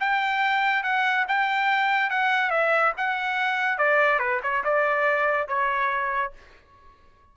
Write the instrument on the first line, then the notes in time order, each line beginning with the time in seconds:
trumpet
0.00 G5
0.83 F#5
1.28 G5
2.10 F#5
2.50 E5
2.97 F#5
3.78 D5
4.19 B4
4.43 C#5
4.64 D5
5.48 C#5